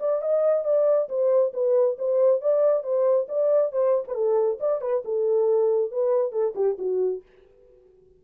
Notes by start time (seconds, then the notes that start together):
0.00 D5
0.21 D#5
0.65 D5
1.09 C5
1.54 B4
1.98 C5
2.41 D5
2.83 C5
3.29 D5
3.72 C5
4.08 B4
4.15 A4
4.60 D5
4.81 B4
5.05 A4
5.92 B4
6.32 A4
6.56 G4
6.79 F#4